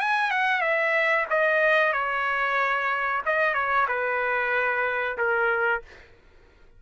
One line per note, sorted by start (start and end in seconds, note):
0.00 0.31 G#5
0.31 0.61 F#5
0.61 1.26 E5
1.30 1.93 D#5
1.93 3.22 C#5
3.26 3.54 D#5
3.54 3.87 C#5
3.88 5.17 B4
5.18 5.82 A#4